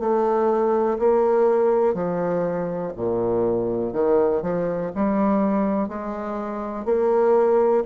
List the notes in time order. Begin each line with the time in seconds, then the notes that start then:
0.00 A3
0.99 A#3
1.94 F3
2.96 A#2
3.93 D#3
4.42 F3
4.96 G3
5.88 G#3
6.85 A#3